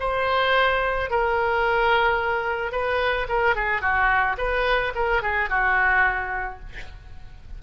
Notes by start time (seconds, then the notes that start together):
0.00 C5
1.10 A#4
2.72 B4
3.29 A#4
3.56 G#4
3.81 F#4
4.38 B4
4.95 A#4
5.22 G#4
5.49 F#4